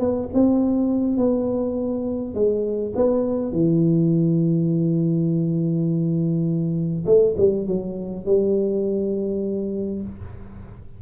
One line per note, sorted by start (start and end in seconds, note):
0.00 0.29 B3
0.34 1.17 C4
1.17 2.34 B3
2.34 2.93 G#3
2.96 3.52 B3
3.52 7.05 E3
7.06 7.36 A3
7.38 7.67 G3
7.67 8.26 F#3
8.26 10.02 G3